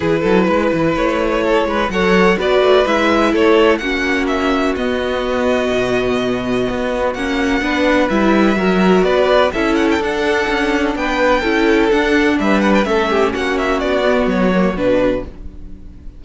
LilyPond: <<
  \new Staff \with { instrumentName = "violin" } { \time 4/4 \tempo 4 = 126 b'2 cis''2 | fis''4 d''4 e''4 cis''4 | fis''4 e''4 dis''2~ | dis''2. fis''4~ |
fis''4 e''2 d''4 | e''8 fis''16 g''16 fis''2 g''4~ | g''4 fis''4 e''8 fis''16 g''16 e''4 | fis''8 e''8 d''4 cis''4 b'4 | }
  \new Staff \with { instrumentName = "violin" } { \time 4/4 gis'8 a'8 b'2 a'8 b'8 | cis''4 b'2 a'4 | fis'1~ | fis'1 |
b'2 ais'4 b'4 | a'2. b'4 | a'2 b'4 a'8 g'8 | fis'1 | }
  \new Staff \with { instrumentName = "viola" } { \time 4/4 e'1 | a'4 fis'4 e'2 | cis'2 b2~ | b2. cis'4 |
d'4 e'4 fis'2 | e'4 d'2. | e'4 d'2 cis'4~ | cis'4. b4 ais8 d'4 | }
  \new Staff \with { instrumentName = "cello" } { \time 4/4 e8 fis8 gis8 e8 a4. gis8 | fis4 b8 a8 gis4 a4 | ais2 b2 | b,2 b4 ais4 |
b4 g4 fis4 b4 | cis'4 d'4 cis'4 b4 | cis'4 d'4 g4 a4 | ais4 b4 fis4 b,4 | }
>>